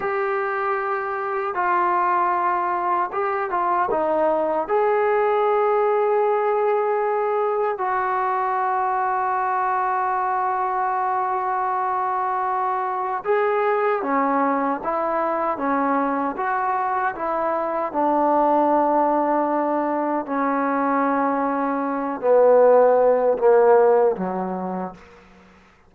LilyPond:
\new Staff \with { instrumentName = "trombone" } { \time 4/4 \tempo 4 = 77 g'2 f'2 | g'8 f'8 dis'4 gis'2~ | gis'2 fis'2~ | fis'1~ |
fis'4 gis'4 cis'4 e'4 | cis'4 fis'4 e'4 d'4~ | d'2 cis'2~ | cis'8 b4. ais4 fis4 | }